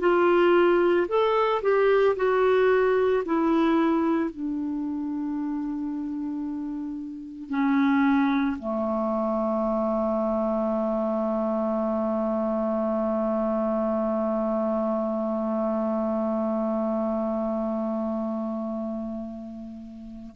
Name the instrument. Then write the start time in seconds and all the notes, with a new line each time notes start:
clarinet
0.00 F4
1.08 A4
1.62 G4
2.16 F#4
3.25 E4
4.30 D4
7.50 C#4
8.59 A3